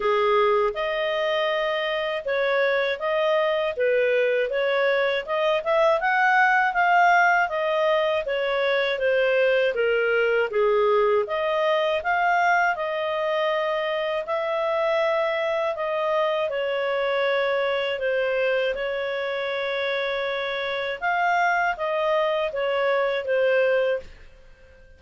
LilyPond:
\new Staff \with { instrumentName = "clarinet" } { \time 4/4 \tempo 4 = 80 gis'4 dis''2 cis''4 | dis''4 b'4 cis''4 dis''8 e''8 | fis''4 f''4 dis''4 cis''4 | c''4 ais'4 gis'4 dis''4 |
f''4 dis''2 e''4~ | e''4 dis''4 cis''2 | c''4 cis''2. | f''4 dis''4 cis''4 c''4 | }